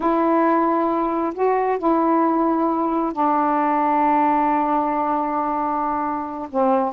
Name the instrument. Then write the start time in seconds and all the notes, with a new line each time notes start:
saxophone
0.00 E4
1.34 F#4
1.78 E4
3.12 D4
6.50 C4